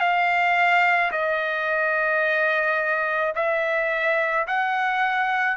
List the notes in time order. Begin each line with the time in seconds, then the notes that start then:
0.00 F5
1.12 D#5
3.35 E5
4.47 F#5